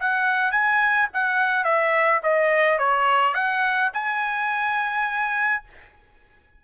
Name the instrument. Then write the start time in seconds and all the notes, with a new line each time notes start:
trumpet
0.00 F#5
0.52 G#5
1.14 F#5
1.65 E5
2.23 D#5
2.79 C#5
3.35 F#5
3.94 G#5